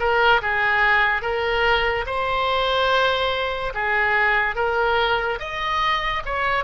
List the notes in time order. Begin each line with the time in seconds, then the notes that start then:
0.00 A#4
0.42 G#4
1.22 A#4
2.07 C5
3.75 G#4
4.56 A#4
5.40 D#5
6.26 C#5